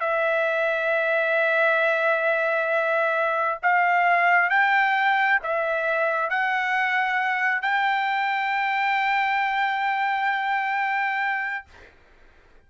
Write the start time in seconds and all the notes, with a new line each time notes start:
0.00 E5
3.62 F5
4.49 G5
5.42 E5
6.29 F#5
7.61 G5